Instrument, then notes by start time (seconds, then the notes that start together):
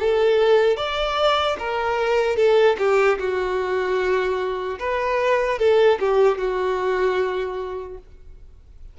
violin
0.00 A4
0.77 D5
1.59 A#4
2.37 A4
2.79 G4
3.19 F#4
4.80 B4
5.59 A4
6.00 G4
6.39 F#4